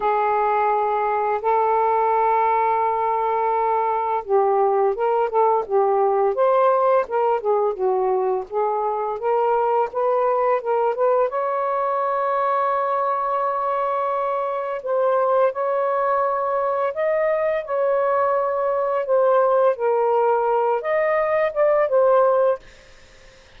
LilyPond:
\new Staff \with { instrumentName = "saxophone" } { \time 4/4 \tempo 4 = 85 gis'2 a'2~ | a'2 g'4 ais'8 a'8 | g'4 c''4 ais'8 gis'8 fis'4 | gis'4 ais'4 b'4 ais'8 b'8 |
cis''1~ | cis''4 c''4 cis''2 | dis''4 cis''2 c''4 | ais'4. dis''4 d''8 c''4 | }